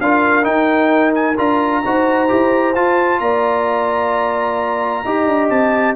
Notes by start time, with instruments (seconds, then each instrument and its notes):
0.00 tuba D4, trombone F4, horn A#4, trumpet F5
0.42 trombone D#4, tuba D#4, trumpet G5
1.14 trumpet G#5
1.37 tuba D4, trombone F4, trumpet A#5
1.84 tuba D#4, trombone F#4, horn C5
2.28 tuba E4, trombone G4
2.75 trombone F4, tuba F4, trumpet A5
3.19 tuba A#3, horn D5, trumpet A#5
5.04 tuba D#4, trombone G4, horn D#5
5.27 tuba D4
5.49 tuba C4, trumpet A5